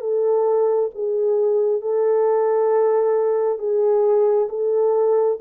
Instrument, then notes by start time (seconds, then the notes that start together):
horn
0.00 A4
0.94 G#4
1.81 A4
3.58 G#4
4.49 A4